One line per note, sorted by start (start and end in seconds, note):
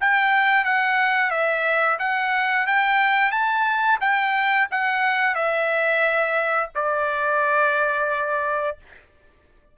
0.00 0.64 G5
0.64 1.30 F#5
1.30 1.98 E5
1.99 2.66 F#5
2.66 3.31 G5
3.31 3.98 A5
4.00 4.67 G5
4.71 5.35 F#5
5.35 6.70 E5
6.74 8.77 D5